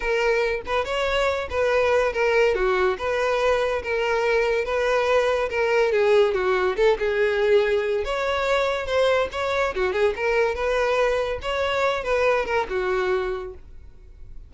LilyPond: \new Staff \with { instrumentName = "violin" } { \time 4/4 \tempo 4 = 142 ais'4. b'8 cis''4. b'8~ | b'4 ais'4 fis'4 b'4~ | b'4 ais'2 b'4~ | b'4 ais'4 gis'4 fis'4 |
a'8 gis'2~ gis'8 cis''4~ | cis''4 c''4 cis''4 fis'8 gis'8 | ais'4 b'2 cis''4~ | cis''8 b'4 ais'8 fis'2 | }